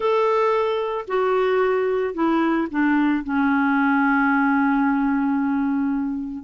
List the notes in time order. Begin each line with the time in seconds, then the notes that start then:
0.00 A4
1.07 F#4
2.14 E4
2.70 D4
3.23 C#4